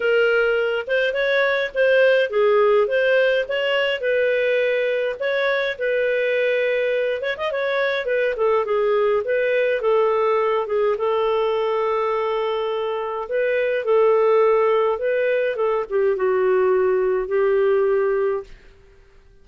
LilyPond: \new Staff \with { instrumentName = "clarinet" } { \time 4/4 \tempo 4 = 104 ais'4. c''8 cis''4 c''4 | gis'4 c''4 cis''4 b'4~ | b'4 cis''4 b'2~ | b'8 cis''16 dis''16 cis''4 b'8 a'8 gis'4 |
b'4 a'4. gis'8 a'4~ | a'2. b'4 | a'2 b'4 a'8 g'8 | fis'2 g'2 | }